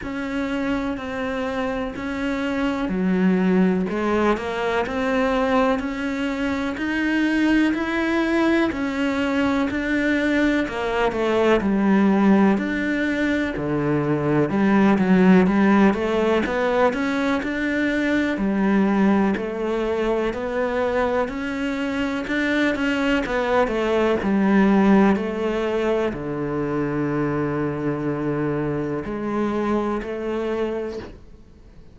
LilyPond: \new Staff \with { instrumentName = "cello" } { \time 4/4 \tempo 4 = 62 cis'4 c'4 cis'4 fis4 | gis8 ais8 c'4 cis'4 dis'4 | e'4 cis'4 d'4 ais8 a8 | g4 d'4 d4 g8 fis8 |
g8 a8 b8 cis'8 d'4 g4 | a4 b4 cis'4 d'8 cis'8 | b8 a8 g4 a4 d4~ | d2 gis4 a4 | }